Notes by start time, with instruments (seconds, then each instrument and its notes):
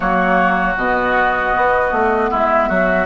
0.00 bassoon F#3, clarinet A#3, oboe F#4, flute C#5
0.77 bassoon B2, clarinet B3, flute D#5
1.56 bassoon B3
1.92 bassoon A3
2.30 bassoon G#3, oboe E4, flute E5
2.68 bassoon F#3, oboe F#4